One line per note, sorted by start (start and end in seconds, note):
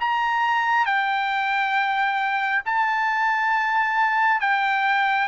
0.00 0.85 A#5
0.85 2.62 G5
2.65 4.40 A5
4.40 5.28 G5